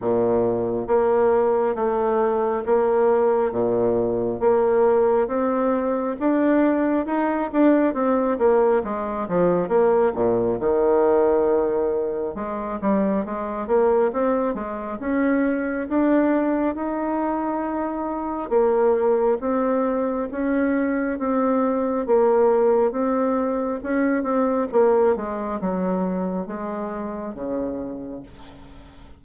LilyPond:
\new Staff \with { instrumentName = "bassoon" } { \time 4/4 \tempo 4 = 68 ais,4 ais4 a4 ais4 | ais,4 ais4 c'4 d'4 | dis'8 d'8 c'8 ais8 gis8 f8 ais8 ais,8 | dis2 gis8 g8 gis8 ais8 |
c'8 gis8 cis'4 d'4 dis'4~ | dis'4 ais4 c'4 cis'4 | c'4 ais4 c'4 cis'8 c'8 | ais8 gis8 fis4 gis4 cis4 | }